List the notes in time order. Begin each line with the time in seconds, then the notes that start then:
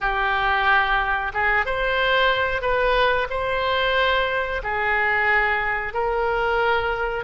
0.00 G4
1.33 G#4
1.65 C5
2.61 B4
3.30 C5
4.63 G#4
5.93 A#4